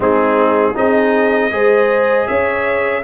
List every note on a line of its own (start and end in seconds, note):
0.00 0.74 G#3
0.00 0.74 C4
0.00 0.75 D#4
0.00 0.76 G#4
0.74 1.51 C4
0.74 1.50 D#4
0.74 1.52 G#4
0.74 2.27 D#5
1.51 2.27 G#3
1.51 3.03 G#4
1.51 2.28 C5
2.27 3.03 C#4
2.27 3.03 C#5
2.27 3.03 E5